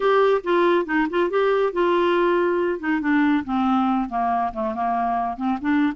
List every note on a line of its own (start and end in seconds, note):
0.00 0.41 G4
0.43 0.85 F4
0.85 1.07 D#4
1.09 1.29 F4
1.29 1.72 G4
1.72 2.79 F4
2.79 3.00 D#4
3.00 3.44 D4
3.44 4.09 C4
4.09 4.52 A#3
4.53 4.74 A3
4.74 5.36 A#3
5.36 5.58 C4
5.61 5.93 D4